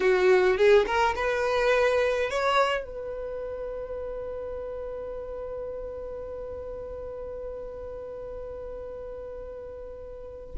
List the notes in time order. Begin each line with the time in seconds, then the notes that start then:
0.00 F#4
0.57 G#4
0.86 A#4
1.15 B4
2.30 C#5
2.84 B4